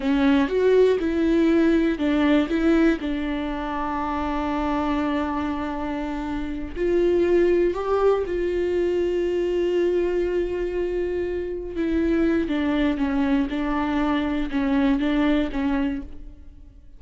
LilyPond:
\new Staff \with { instrumentName = "viola" } { \time 4/4 \tempo 4 = 120 cis'4 fis'4 e'2 | d'4 e'4 d'2~ | d'1~ | d'4. f'2 g'8~ |
g'8 f'2.~ f'8~ | f'2.~ f'8 e'8~ | e'4 d'4 cis'4 d'4~ | d'4 cis'4 d'4 cis'4 | }